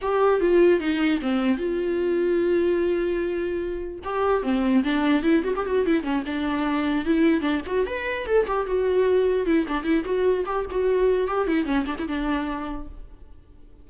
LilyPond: \new Staff \with { instrumentName = "viola" } { \time 4/4 \tempo 4 = 149 g'4 f'4 dis'4 c'4 | f'1~ | f'2 g'4 c'4 | d'4 e'8 fis'16 g'16 fis'8 e'8 cis'8 d'8~ |
d'4. e'4 d'8 fis'8 b'8~ | b'8 a'8 g'8 fis'2 e'8 | d'8 e'8 fis'4 g'8 fis'4. | g'8 e'8 cis'8 d'16 e'16 d'2 | }